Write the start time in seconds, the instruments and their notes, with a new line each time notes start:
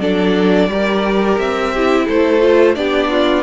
0.00 cello F#3, viola D4, violin A4 D5
0.69 cello G3, viola G4, violin A#4
1.38 cello C4, violin E5
1.73 viola E4, violin G4
2.06 cello A3, violin A4 C5
2.41 viola F4
2.75 cello B3, viola D4, violin G4 D5
3.10 violin F4